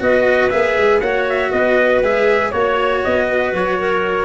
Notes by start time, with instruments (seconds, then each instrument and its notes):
0.00 tuba B3, cello F#4, clarinet B4, trumpet D#5
0.50 tuba A#3, cello G#4, trumpet E5
0.78 tuba G#3
1.00 tuba A#3, cello F#4, clarinet C#5, trumpet F#5
1.29 trumpet E5
1.51 tuba B3, clarinet B4, trumpet D#5
2.02 tuba G#3, cello G#4, trumpet E5
2.50 tuba A#3, cello F#4, clarinet C#5, trumpet C#5
3.04 tuba B3, trumpet D#5
3.30 clarinet B4
3.53 tuba F#3, trumpet C#5
3.78 clarinet A#4